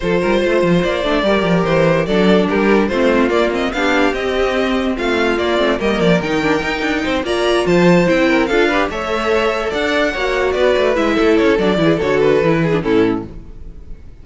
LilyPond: <<
  \new Staff \with { instrumentName = "violin" } { \time 4/4 \tempo 4 = 145 c''2 d''2 | c''4 d''4 ais'4 c''4 | d''8 dis''8 f''4 dis''2 | f''4 d''4 dis''8 d''8 g''4~ |
g''4. ais''4 a''4 g''8~ | g''8 f''4 e''2 fis''8~ | fis''4. d''4 e''4 cis''8 | d''4 cis''8 b'4. a'4 | }
  \new Staff \with { instrumentName = "violin" } { \time 4/4 a'8 ais'8 c''2 ais'4~ | ais'4 a'4 g'4 f'4~ | f'4 g'2. | f'2 ais'2~ |
ais'4 c''8 d''4 c''4. | ais'8 a'8 b'8 cis''2 d''8~ | d''8 cis''4 b'4. a'4~ | a'8 gis'8 a'4. gis'8 e'4 | }
  \new Staff \with { instrumentName = "viola" } { \time 4/4 f'2~ f'8 d'8 g'4~ | g'4 d'2 c'4 | ais8 c'8 d'4 c'2~ | c'4 ais8 c'8 ais4 dis'8 d'8 |
dis'4. f'2 e'8~ | e'8 f'8 g'8 a'2~ a'8~ | a'8 fis'2 e'4. | d'8 e'8 fis'4 e'8. d'16 cis'4 | }
  \new Staff \with { instrumentName = "cello" } { \time 4/4 f8 g8 a8 f8 ais8 a8 g8 f8 | e4 fis4 g4 a4 | ais4 b4 c'2 | a4 ais8 a8 g8 f8 dis4 |
dis'8 d'8 c'8 ais4 f4 c'8~ | c'8 d'4 a2 d'8~ | d'8 ais4 b8 a8 gis8 a8 cis'8 | fis8 e8 d4 e4 a,4 | }
>>